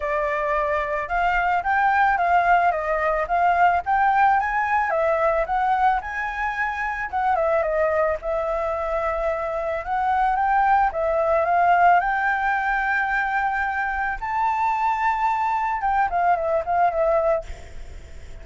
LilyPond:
\new Staff \with { instrumentName = "flute" } { \time 4/4 \tempo 4 = 110 d''2 f''4 g''4 | f''4 dis''4 f''4 g''4 | gis''4 e''4 fis''4 gis''4~ | gis''4 fis''8 e''8 dis''4 e''4~ |
e''2 fis''4 g''4 | e''4 f''4 g''2~ | g''2 a''2~ | a''4 g''8 f''8 e''8 f''8 e''4 | }